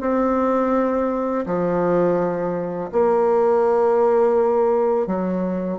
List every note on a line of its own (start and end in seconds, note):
0.00 1.45 C4
1.46 2.90 F3
2.91 5.06 A#3
5.06 5.78 F#3